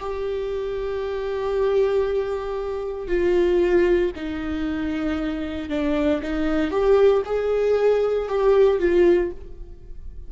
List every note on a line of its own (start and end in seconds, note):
0.00 3.08 G4
3.08 4.11 F4
4.16 5.69 D#4
5.69 6.21 D4
6.23 6.71 D#4
6.71 7.23 G4
7.26 8.29 G#4
8.29 8.79 G4
8.79 9.31 F4